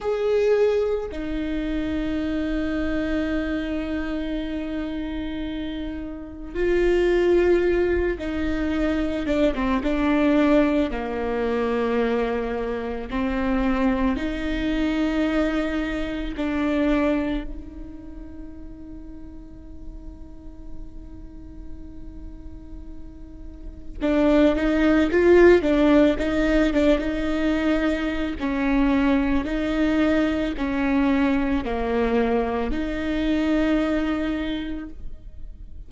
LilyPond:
\new Staff \with { instrumentName = "viola" } { \time 4/4 \tempo 4 = 55 gis'4 dis'2.~ | dis'2 f'4. dis'8~ | dis'8 d'16 c'16 d'4 ais2 | c'4 dis'2 d'4 |
dis'1~ | dis'2 d'8 dis'8 f'8 d'8 | dis'8 d'16 dis'4~ dis'16 cis'4 dis'4 | cis'4 ais4 dis'2 | }